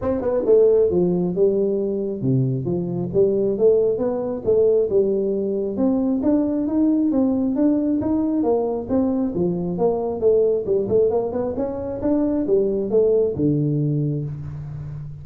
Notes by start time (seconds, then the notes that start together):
0.01 C4
0.21 B3
0.45 A3
0.90 F3
1.35 G3
2.21 C3
2.65 F3
3.13 G3
3.57 A3
3.98 B3
4.44 A3
4.89 G3
5.77 C4
6.22 D4
6.67 D#4
7.11 C4
7.55 D4
8.01 D#4
8.43 A#3
8.89 C4
9.35 F3
9.78 A#3
10.20 A3
10.65 G3
10.88 A3
11.10 A#3
11.32 B3
11.56 C#4
12.01 D4
12.46 G3
12.90 A3
13.35 D3